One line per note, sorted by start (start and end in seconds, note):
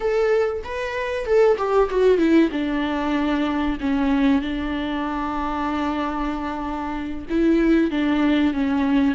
0.00 0.62 A4
0.63 1.25 B4
1.25 1.57 A4
1.57 1.89 G4
1.89 2.18 F#4
2.18 2.49 E4
2.51 3.78 D4
3.80 4.41 C#4
4.41 7.25 D4
7.29 7.90 E4
7.90 8.53 D4
8.53 9.14 C#4